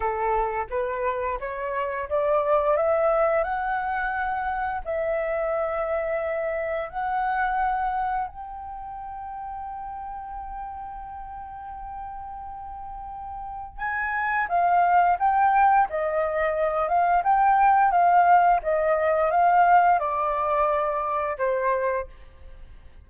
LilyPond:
\new Staff \with { instrumentName = "flute" } { \time 4/4 \tempo 4 = 87 a'4 b'4 cis''4 d''4 | e''4 fis''2 e''4~ | e''2 fis''2 | g''1~ |
g''1 | gis''4 f''4 g''4 dis''4~ | dis''8 f''8 g''4 f''4 dis''4 | f''4 d''2 c''4 | }